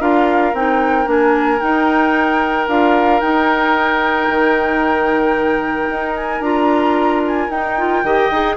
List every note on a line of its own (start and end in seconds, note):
0.00 0.54 D4
0.00 0.54 F4
0.00 8.04 A#4
0.00 0.55 F5
0.54 1.07 C4
0.54 1.05 D#4
0.54 1.09 G5
1.05 1.60 A#3
1.05 1.58 D4
1.05 1.60 G#5
1.60 2.68 D#4
1.60 2.68 G5
2.68 3.21 D4
2.68 3.22 F4
2.68 3.21 F5
3.21 4.29 D#4
3.21 6.43 D#4
3.21 6.15 G5
4.29 5.90 D#3
5.90 6.41 D#4
6.16 6.42 G#5
6.41 7.48 D4
6.41 7.50 F4
6.41 7.22 A#5
7.27 7.51 G#5
7.49 8.03 D#4
7.49 7.78 D#4
7.49 8.57 G5
7.78 8.05 F4
8.04 8.30 D#3
8.04 8.32 G4
8.04 8.57 D#5
8.31 8.57 D#4
8.31 8.57 G#4